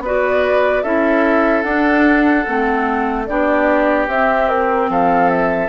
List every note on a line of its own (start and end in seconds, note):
0.00 0.81 B3
0.00 0.84 F#4
0.00 0.83 B4
0.00 0.83 D5
0.83 1.63 C#4
0.83 1.64 E4
0.83 3.26 A4
0.83 1.62 E5
1.62 2.44 D4
1.62 2.45 D4
1.62 3.24 F#5
2.46 3.29 A3
2.46 3.27 C4
3.26 4.08 B3
3.26 4.08 D4
3.26 4.90 G4
3.26 4.07 D5
4.08 4.89 C4
4.08 5.68 C4
4.08 4.48 E5
4.48 4.89 A#4
4.89 5.68 F3
4.89 5.68 A4
4.89 5.29 F5
5.29 5.68 E5